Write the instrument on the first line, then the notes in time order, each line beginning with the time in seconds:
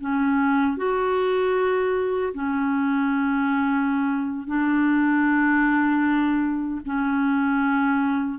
clarinet
0.00 C#4
0.77 F#4
2.34 C#4
4.47 D4
6.85 C#4